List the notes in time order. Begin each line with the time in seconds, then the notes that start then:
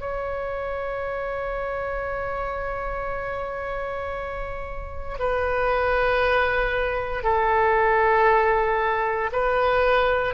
0.00 C#5
5.19 B4
7.24 A4
9.32 B4